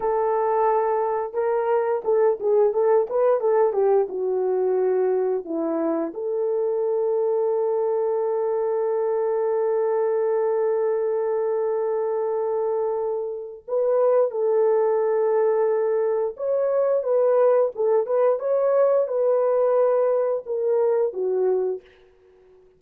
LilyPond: \new Staff \with { instrumentName = "horn" } { \time 4/4 \tempo 4 = 88 a'2 ais'4 a'8 gis'8 | a'8 b'8 a'8 g'8 fis'2 | e'4 a'2.~ | a'1~ |
a'1 | b'4 a'2. | cis''4 b'4 a'8 b'8 cis''4 | b'2 ais'4 fis'4 | }